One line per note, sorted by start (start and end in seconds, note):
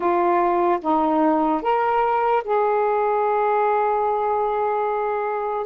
0.00 0.79 F4
0.81 1.62 D#4
1.62 2.43 A#4
2.43 5.66 G#4